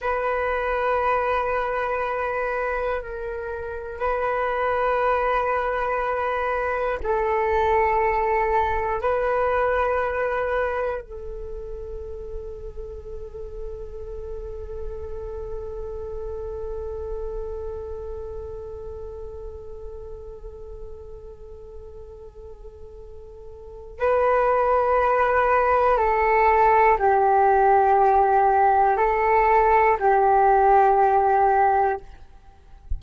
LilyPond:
\new Staff \with { instrumentName = "flute" } { \time 4/4 \tempo 4 = 60 b'2. ais'4 | b'2. a'4~ | a'4 b'2 a'4~ | a'1~ |
a'1~ | a'1 | b'2 a'4 g'4~ | g'4 a'4 g'2 | }